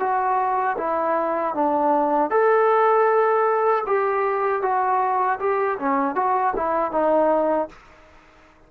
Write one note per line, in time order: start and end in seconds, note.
0.00 0.77 F#4
0.78 1.55 E4
1.55 2.31 D4
2.31 3.85 A4
3.87 4.62 G4
4.62 5.39 F#4
5.40 5.78 G4
5.80 6.16 C#4
6.16 6.54 F#4
6.56 6.92 E4
6.92 7.69 D#4